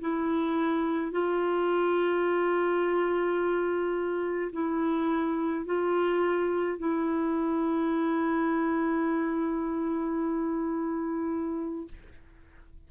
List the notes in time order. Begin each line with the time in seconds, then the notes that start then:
0.00 E4
1.11 F4
4.52 E4
5.66 F4
6.78 E4